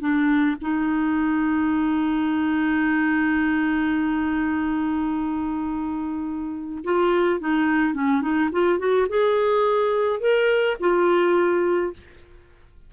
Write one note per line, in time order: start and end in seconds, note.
0.00 0.57 D4
0.61 6.84 D#4
6.84 7.40 F4
7.40 7.94 D#4
7.94 8.22 C#4
8.22 8.50 D#4
8.52 8.79 F4
8.79 9.07 F#4
9.09 10.20 G#4
10.20 10.77 A#4
10.80 11.93 F4